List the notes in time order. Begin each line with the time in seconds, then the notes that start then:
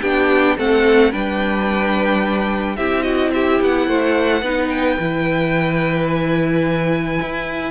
0.00 B3 D4 G4 G5
0.57 A3 C4 A4 F#5
1.11 G3 D4 B4 G5
2.76 C4 E4 G4 E5
3.02 F#4 D#5
3.33 G4 E5
3.61 B3 F#5
3.87 A3 C5
4.41 B3 D#4 B4
4.69 G5
4.99 E3 E4
6.07 G#5
7.21 E4